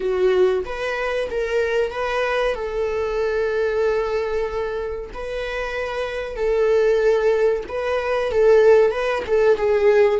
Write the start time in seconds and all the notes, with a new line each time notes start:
0.00 F#4
0.65 B4
1.30 A#4
1.91 B4
2.54 A4
5.13 B4
6.36 A4
7.68 B4
8.32 A4
8.91 B4
9.26 A4
9.57 G#4